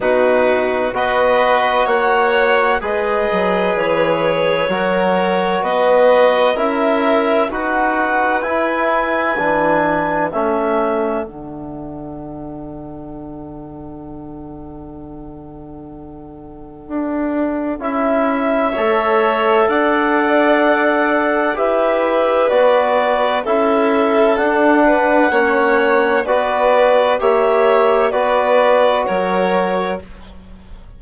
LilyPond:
<<
  \new Staff \with { instrumentName = "clarinet" } { \time 4/4 \tempo 4 = 64 b'4 dis''4 fis''4 dis''4 | cis''2 dis''4 e''4 | fis''4 gis''2 e''4 | fis''1~ |
fis''2. e''4~ | e''4 fis''2 e''4 | d''4 e''4 fis''2 | d''4 e''4 d''4 cis''4 | }
  \new Staff \with { instrumentName = "violin" } { \time 4/4 fis'4 b'4 cis''4 b'4~ | b'4 ais'4 b'4 ais'4 | b'2. a'4~ | a'1~ |
a'1 | cis''4 d''2 b'4~ | b'4 a'4. b'8 cis''4 | b'4 cis''4 b'4 ais'4 | }
  \new Staff \with { instrumentName = "trombone" } { \time 4/4 dis'4 fis'2 gis'4~ | gis'4 fis'2 e'4 | fis'4 e'4 d'4 cis'4 | d'1~ |
d'2. e'4 | a'2. g'4 | fis'4 e'4 d'4 cis'4 | fis'4 g'4 fis'2 | }
  \new Staff \with { instrumentName = "bassoon" } { \time 4/4 b,4 b4 ais4 gis8 fis8 | e4 fis4 b4 cis'4 | dis'4 e'4 e4 a4 | d1~ |
d2 d'4 cis'4 | a4 d'2 e'4 | b4 cis'4 d'4 ais4 | b4 ais4 b4 fis4 | }
>>